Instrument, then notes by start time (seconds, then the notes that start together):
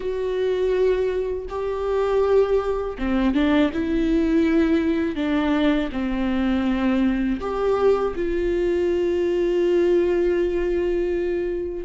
viola
0.00 F#4
1.49 G4
2.98 C4
3.34 D4
3.73 E4
5.15 D4
5.92 C4
7.40 G4
8.15 F4